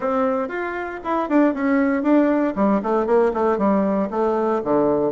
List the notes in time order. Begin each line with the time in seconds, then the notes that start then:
0.00 C4
0.48 F4
1.03 E4
1.29 D4
1.53 C#4
2.02 D4
2.55 G3
2.82 A3
3.06 A#3
3.33 A3
3.58 G3
4.10 A3
4.63 D3